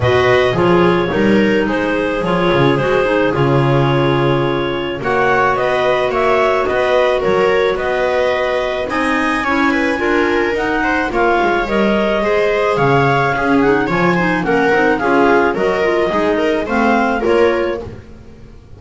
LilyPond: <<
  \new Staff \with { instrumentName = "clarinet" } { \time 4/4 \tempo 4 = 108 dis''4 cis''2 c''4 | cis''4 c''4 cis''2~ | cis''4 fis''4 dis''4 e''4 | dis''4 cis''4 dis''2 |
gis''2. fis''4 | f''4 dis''2 f''4~ | f''8 fis''8 gis''4 fis''4 f''4 | dis''2 f''4 cis''4 | }
  \new Staff \with { instrumentName = "viola" } { \time 4/4 b'4 gis'4 ais'4 gis'4~ | gis'1~ | gis'4 cis''4 b'4 cis''4 | b'4 ais'4 b'2 |
dis''4 cis''8 b'8 ais'4. c''8 | cis''2 c''4 cis''4 | gis'4 cis''8 c''8 ais'4 gis'4 | ais'4 gis'8 ais'8 c''4 ais'4 | }
  \new Staff \with { instrumentName = "clarinet" } { \time 4/4 fis'4 f'4 dis'2 | f'4 fis'8 dis'8 f'2~ | f'4 fis'2.~ | fis'1 |
dis'4 e'4 f'4 dis'4 | f'4 ais'4 gis'2 | cis'8 dis'8 f'8 dis'8 cis'8 dis'8 f'4 | fis'8 f'8 dis'4 c'4 f'4 | }
  \new Staff \with { instrumentName = "double bass" } { \time 4/4 b,4 f4 g4 gis4 | f8 cis8 gis4 cis2~ | cis4 ais4 b4 ais4 | b4 fis4 b2 |
c'4 cis'4 d'4 dis'4 | ais8 gis8 g4 gis4 cis4 | cis'4 f4 ais8 c'8 cis'4 | fis4 gis4 a4 ais4 | }
>>